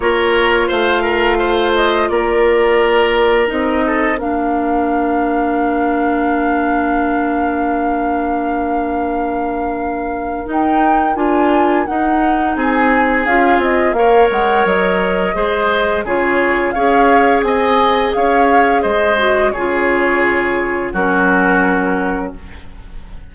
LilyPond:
<<
  \new Staff \with { instrumentName = "flute" } { \time 4/4 \tempo 4 = 86 cis''4 f''4. dis''8 d''4~ | d''4 dis''4 f''2~ | f''1~ | f''2. g''4 |
gis''4 fis''4 gis''4 f''8 dis''8 | f''8 fis''8 dis''2 cis''4 | f''4 gis''4 f''4 dis''4 | cis''2 ais'2 | }
  \new Staff \with { instrumentName = "oboe" } { \time 4/4 ais'4 c''8 ais'8 c''4 ais'4~ | ais'4. a'8 ais'2~ | ais'1~ | ais'1~ |
ais'2 gis'2 | cis''2 c''4 gis'4 | cis''4 dis''4 cis''4 c''4 | gis'2 fis'2 | }
  \new Staff \with { instrumentName = "clarinet" } { \time 4/4 f'1~ | f'4 dis'4 d'2~ | d'1~ | d'2. dis'4 |
f'4 dis'2 f'4 | ais'2 gis'4 f'4 | gis'2.~ gis'8 fis'8 | f'2 cis'2 | }
  \new Staff \with { instrumentName = "bassoon" } { \time 4/4 ais4 a2 ais4~ | ais4 c'4 ais2~ | ais1~ | ais2. dis'4 |
d'4 dis'4 c'4 cis'8 c'8 | ais8 gis8 fis4 gis4 cis4 | cis'4 c'4 cis'4 gis4 | cis2 fis2 | }
>>